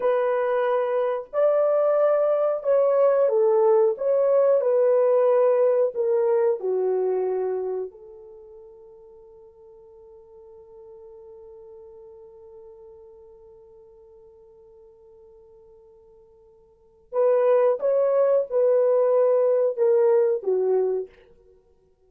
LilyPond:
\new Staff \with { instrumentName = "horn" } { \time 4/4 \tempo 4 = 91 b'2 d''2 | cis''4 a'4 cis''4 b'4~ | b'4 ais'4 fis'2 | a'1~ |
a'1~ | a'1~ | a'2 b'4 cis''4 | b'2 ais'4 fis'4 | }